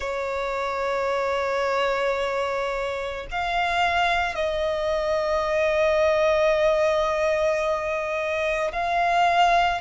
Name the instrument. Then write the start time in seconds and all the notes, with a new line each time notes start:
violin
0.00 C#5
3.30 F5
4.35 D#5
8.72 F5